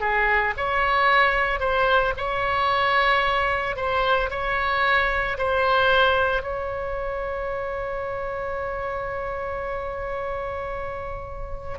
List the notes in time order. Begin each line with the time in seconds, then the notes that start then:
0.00 G#4
0.57 C#5
1.60 C5
2.17 C#5
3.76 C5
4.30 C#5
5.38 C5
6.42 C#5